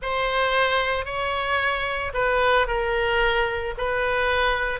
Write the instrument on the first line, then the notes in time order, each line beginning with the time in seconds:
oboe
0.01 C5
1.05 C#5
2.13 B4
2.67 A#4
3.77 B4